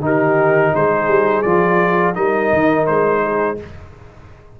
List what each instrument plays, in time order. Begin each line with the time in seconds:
0.00 tuba D#3, trombone D#4, horn G4
0.06 trumpet A#4
0.73 tuba G#3, horn G#4, trumpet C5
1.08 tuba G3
1.42 tuba F3, trombone F4, trumpet D5
2.14 tuba G3, trombone D#4, horn A#4, trumpet D#5
2.53 tuba D#3
2.86 tuba G#3, trumpet C5
3.23 horn G#4